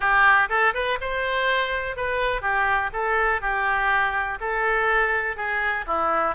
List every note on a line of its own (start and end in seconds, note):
0.00 0.48 G4
0.49 0.73 A4
0.74 0.98 B4
1.00 1.96 C5
1.96 2.41 B4
2.41 2.90 G4
2.92 3.41 A4
3.41 4.38 G4
4.40 5.36 A4
5.36 5.85 G#4
5.87 6.35 E4